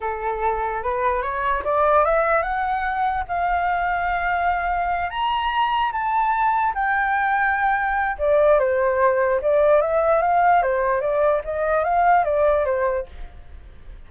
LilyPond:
\new Staff \with { instrumentName = "flute" } { \time 4/4 \tempo 4 = 147 a'2 b'4 cis''4 | d''4 e''4 fis''2 | f''1~ | f''8 ais''2 a''4.~ |
a''8 g''2.~ g''8 | d''4 c''2 d''4 | e''4 f''4 c''4 d''4 | dis''4 f''4 d''4 c''4 | }